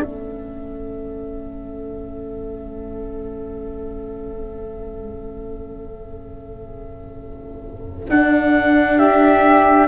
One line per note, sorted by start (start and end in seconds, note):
0.00 8.06 A3
0.00 8.09 C#4
0.00 8.97 A4
0.00 8.10 E5
8.09 9.87 D4
8.09 8.99 F#5
8.97 9.87 G4
8.97 9.87 E5